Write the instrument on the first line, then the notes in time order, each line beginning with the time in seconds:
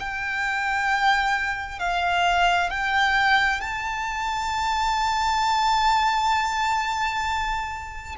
violin
0.00 G5
1.79 F5
2.71 G5
3.61 A5